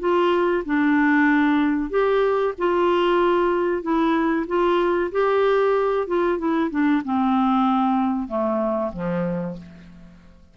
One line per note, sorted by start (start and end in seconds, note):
0.00 0.64 F4
0.66 1.91 D4
1.91 2.54 G4
2.59 3.83 F4
3.83 4.47 E4
4.48 5.12 F4
5.12 6.08 G4
6.08 6.39 F4
6.39 6.71 E4
6.71 7.03 D4
7.05 8.28 C4
8.28 8.92 A3
8.94 9.57 F3